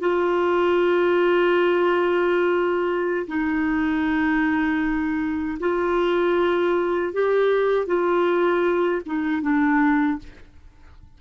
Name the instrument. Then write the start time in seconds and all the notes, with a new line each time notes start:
clarinet
0.00 F4
3.28 D#4
5.60 F4
7.13 G4
7.87 F4
9.06 D#4
9.42 D4